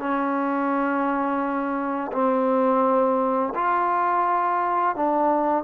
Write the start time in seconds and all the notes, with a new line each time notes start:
0.00 C#4
2.12 C4
3.55 F4
4.96 D4